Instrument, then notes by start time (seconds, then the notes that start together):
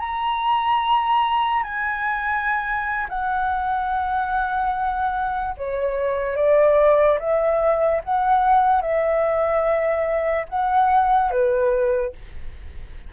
flute
0.00 A#5
1.63 G#5
3.09 F#5
5.57 C#5
6.36 D5
7.20 E5
8.04 F#5
8.82 E5
10.49 F#5
11.31 B4